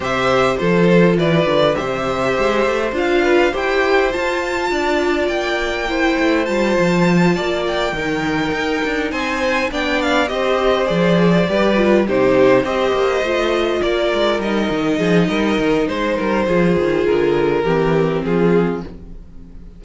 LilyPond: <<
  \new Staff \with { instrumentName = "violin" } { \time 4/4 \tempo 4 = 102 e''4 c''4 d''4 e''4~ | e''4 f''4 g''4 a''4~ | a''4 g''2 a''4~ | a''4 g''2~ g''8 gis''8~ |
gis''8 g''8 f''8 dis''4 d''4.~ | d''8 c''4 dis''2 d''8~ | d''8 dis''2~ dis''8 c''4~ | c''4 ais'2 gis'4 | }
  \new Staff \with { instrumentName = "violin" } { \time 4/4 c''4 a'4 b'4 c''4~ | c''4. b'8 c''2 | d''2 c''2~ | c''8 d''4 ais'2 c''8~ |
c''8 d''4 c''2 b'8~ | b'8 g'4 c''2 ais'8~ | ais'4. gis'8 ais'4 c''8 ais'8 | gis'2 g'4 f'4 | }
  \new Staff \with { instrumentName = "viola" } { \time 4/4 g'4 f'2 g'4~ | g'4 f'4 g'4 f'4~ | f'2 e'4 f'4~ | f'4. dis'2~ dis'8~ |
dis'8 d'4 g'4 gis'4 g'8 | f'8 dis'4 g'4 f'4.~ | f'8 dis'2.~ dis'8 | f'2 c'2 | }
  \new Staff \with { instrumentName = "cello" } { \time 4/4 c4 f4 e8 d8 c4 | gis8 a8 d'4 e'4 f'4 | d'4 ais4. a8 g8 f8~ | f8 ais4 dis4 dis'8 d'8 c'8~ |
c'8 b4 c'4 f4 g8~ | g8 c4 c'8 ais8 a4 ais8 | gis8 g8 dis8 f8 g8 dis8 gis8 g8 | f8 dis8 d4 e4 f4 | }
>>